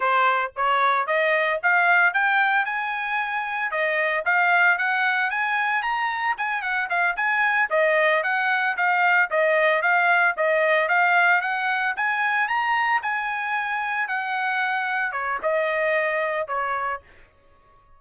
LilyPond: \new Staff \with { instrumentName = "trumpet" } { \time 4/4 \tempo 4 = 113 c''4 cis''4 dis''4 f''4 | g''4 gis''2 dis''4 | f''4 fis''4 gis''4 ais''4 | gis''8 fis''8 f''8 gis''4 dis''4 fis''8~ |
fis''8 f''4 dis''4 f''4 dis''8~ | dis''8 f''4 fis''4 gis''4 ais''8~ | ais''8 gis''2 fis''4.~ | fis''8 cis''8 dis''2 cis''4 | }